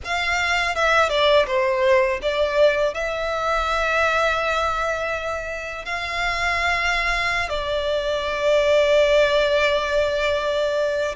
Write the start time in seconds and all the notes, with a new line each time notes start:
0.04 F5
0.75 E5
1.09 D5
1.46 C5
2.22 D5
2.94 E5
5.85 F5
7.49 D5